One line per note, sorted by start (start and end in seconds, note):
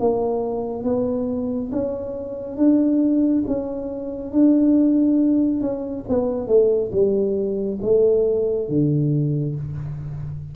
0.00 0.84 A#3
0.84 1.71 B3
1.72 2.57 C#4
2.57 3.44 D4
3.47 4.32 C#4
4.32 5.61 D4
5.61 6.05 C#4
6.09 6.47 B3
6.47 6.91 A3
6.92 7.79 G3
7.82 8.69 A3
8.69 9.56 D3